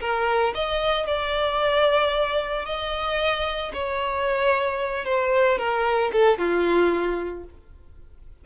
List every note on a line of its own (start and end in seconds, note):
0.00 0.53 A#4
0.54 1.06 D#5
1.06 2.65 D5
2.65 3.71 D#5
3.73 5.04 C#5
5.04 5.58 C5
5.58 6.11 A#4
6.12 6.38 A4
6.38 7.44 F4